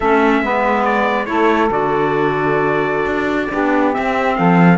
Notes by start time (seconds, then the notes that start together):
0.00 A3 C#4 A4 E5
0.42 G#3 B3 B4
0.85 D5
1.25 A3 E4 A4 C#5
1.70 D3 F#4 D5
3.05 D4
3.50 B3 D4 G4
3.93 C4 E5
4.35 F3 A4 F5